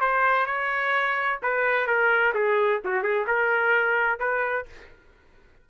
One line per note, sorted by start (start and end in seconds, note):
0.00 0.46 C5
0.46 1.39 C#5
1.42 1.87 B4
1.87 2.33 A#4
2.34 2.81 G#4
2.84 3.03 F#4
3.03 3.26 G#4
3.27 4.19 A#4
4.19 4.66 B4